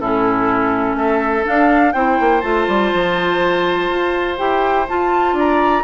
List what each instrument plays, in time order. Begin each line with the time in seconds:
0.00 bassoon A2, clarinet C#4, oboe E4, flute A4
0.95 bassoon A3, oboe A4, flute E5
1.44 clarinet D4, bassoon D4, flute F5
1.92 bassoon C4, clarinet E4, oboe C5, flute G5
2.20 bassoon A#3
2.41 bassoon A3, clarinet F4, flute A5
2.68 bassoon G3
2.94 bassoon F3
3.90 bassoon F4
4.37 bassoon E4, clarinet G4, flute G5
4.88 clarinet F4, bassoon F4, flute A5
5.33 bassoon D4, oboe D5, flute A#5